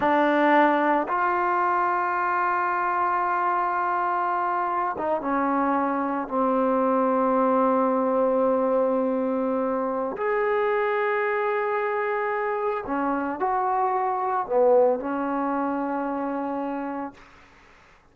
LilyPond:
\new Staff \with { instrumentName = "trombone" } { \time 4/4 \tempo 4 = 112 d'2 f'2~ | f'1~ | f'4~ f'16 dis'8 cis'2 c'16~ | c'1~ |
c'2. gis'4~ | gis'1 | cis'4 fis'2 b4 | cis'1 | }